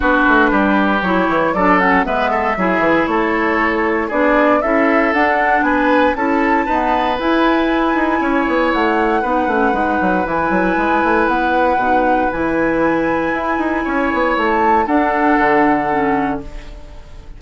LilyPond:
<<
  \new Staff \with { instrumentName = "flute" } { \time 4/4 \tempo 4 = 117 b'2 cis''4 d''8 fis''8 | e''2 cis''2 | d''4 e''4 fis''4 gis''4 | a''2 gis''2~ |
gis''4 fis''2. | gis''2 fis''2 | gis''1 | a''4 fis''2. | }
  \new Staff \with { instrumentName = "oboe" } { \time 4/4 fis'4 g'2 a'4 | b'8 a'8 gis'4 a'2 | gis'4 a'2 b'4 | a'4 b'2. |
cis''2 b'2~ | b'1~ | b'2. cis''4~ | cis''4 a'2. | }
  \new Staff \with { instrumentName = "clarinet" } { \time 4/4 d'2 e'4 d'8 cis'8 | b4 e'2. | d'4 e'4 d'2 | e'4 b4 e'2~ |
e'2 dis'8 cis'8 dis'4 | e'2. dis'4 | e'1~ | e'4 d'2 cis'4 | }
  \new Staff \with { instrumentName = "bassoon" } { \time 4/4 b8 a8 g4 fis8 e8 fis4 | gis4 fis8 e8 a2 | b4 cis'4 d'4 b4 | cis'4 dis'4 e'4. dis'8 |
cis'8 b8 a4 b8 a8 gis8 fis8 | e8 fis8 gis8 a8 b4 b,4 | e2 e'8 dis'8 cis'8 b8 | a4 d'4 d2 | }
>>